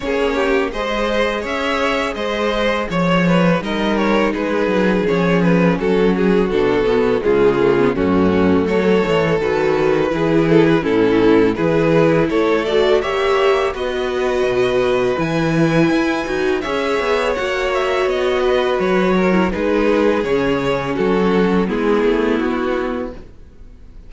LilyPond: <<
  \new Staff \with { instrumentName = "violin" } { \time 4/4 \tempo 4 = 83 cis''4 dis''4 e''4 dis''4 | cis''4 dis''8 cis''8 b'4 cis''8 b'8 | a'8 gis'8 a'4 gis'4 fis'4 | cis''4 b'4. a'16 b'16 a'4 |
b'4 cis''8 d''8 e''4 dis''4~ | dis''4 gis''2 e''4 | fis''8 e''8 dis''4 cis''4 b'4 | cis''4 a'4 gis'4 fis'4 | }
  \new Staff \with { instrumentName = "violin" } { \time 4/4 gis'8 g'8 c''4 cis''4 c''4 | cis''8 b'8 ais'4 gis'2 | fis'2 f'4 cis'4 | a'2 gis'4 e'4 |
gis'4 a'4 cis''4 b'4~ | b'2. cis''4~ | cis''4. b'4 ais'8 gis'4~ | gis'4 fis'4 e'2 | }
  \new Staff \with { instrumentName = "viola" } { \time 4/4 cis'4 gis'2.~ | gis'4 dis'2 cis'4~ | cis'4 d'8 b8 gis8 a16 b16 a4~ | a4 fis'4 e'4 cis'4 |
e'4. fis'8 g'4 fis'4~ | fis'4 e'4. fis'8 gis'4 | fis'2~ fis'8. e'16 dis'4 | cis'2 b2 | }
  \new Staff \with { instrumentName = "cello" } { \time 4/4 ais4 gis4 cis'4 gis4 | f4 g4 gis8 fis8 f4 | fis4 b,4 cis4 fis,4 | fis8 e8 dis4 e4 a,4 |
e4 a4 ais4 b4 | b,4 e4 e'8 dis'8 cis'8 b8 | ais4 b4 fis4 gis4 | cis4 fis4 gis8 a8 b4 | }
>>